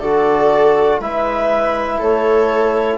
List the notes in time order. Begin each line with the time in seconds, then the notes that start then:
0.00 D3 F#4 A4 D5
1.00 G#3 E4 B4 E5
1.99 A3 A4 C#5